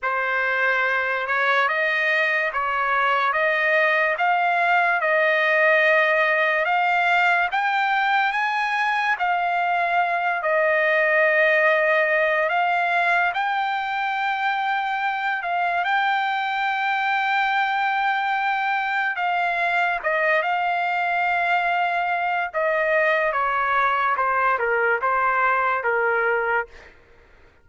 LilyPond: \new Staff \with { instrumentName = "trumpet" } { \time 4/4 \tempo 4 = 72 c''4. cis''8 dis''4 cis''4 | dis''4 f''4 dis''2 | f''4 g''4 gis''4 f''4~ | f''8 dis''2~ dis''8 f''4 |
g''2~ g''8 f''8 g''4~ | g''2. f''4 | dis''8 f''2~ f''8 dis''4 | cis''4 c''8 ais'8 c''4 ais'4 | }